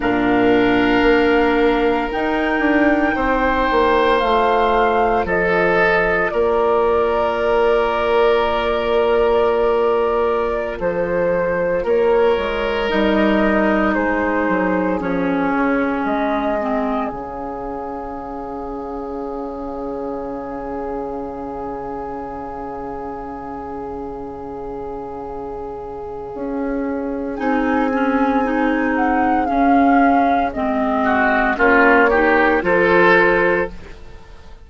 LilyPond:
<<
  \new Staff \with { instrumentName = "flute" } { \time 4/4 \tempo 4 = 57 f''2 g''2 | f''4 dis''4 d''2~ | d''2~ d''16 c''4 cis''8.~ | cis''16 dis''4 c''4 cis''4 dis''8.~ |
dis''16 f''2.~ f''8.~ | f''1~ | f''2 gis''4. fis''8 | f''4 dis''4 cis''4 c''4 | }
  \new Staff \with { instrumentName = "oboe" } { \time 4/4 ais'2. c''4~ | c''4 a'4 ais'2~ | ais'2~ ais'16 a'4 ais'8.~ | ais'4~ ais'16 gis'2~ gis'8.~ |
gis'1~ | gis'1~ | gis'1~ | gis'4. fis'8 f'8 g'8 a'4 | }
  \new Staff \with { instrumentName = "clarinet" } { \time 4/4 d'2 dis'2 | f'1~ | f'1~ | f'16 dis'2 cis'4. c'16~ |
c'16 cis'2.~ cis'8.~ | cis'1~ | cis'2 dis'8 cis'8 dis'4 | cis'4 c'4 cis'8 dis'8 f'4 | }
  \new Staff \with { instrumentName = "bassoon" } { \time 4/4 ais,4 ais4 dis'8 d'8 c'8 ais8 | a4 f4 ais2~ | ais2~ ais16 f4 ais8 gis16~ | gis16 g4 gis8 fis8 f8 cis8 gis8.~ |
gis16 cis2.~ cis8.~ | cis1~ | cis4 cis'4 c'2 | cis'4 gis4 ais4 f4 | }
>>